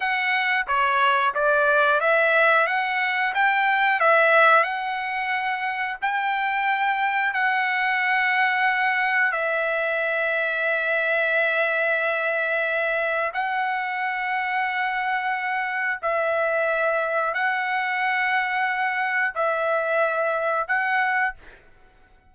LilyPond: \new Staff \with { instrumentName = "trumpet" } { \time 4/4 \tempo 4 = 90 fis''4 cis''4 d''4 e''4 | fis''4 g''4 e''4 fis''4~ | fis''4 g''2 fis''4~ | fis''2 e''2~ |
e''1 | fis''1 | e''2 fis''2~ | fis''4 e''2 fis''4 | }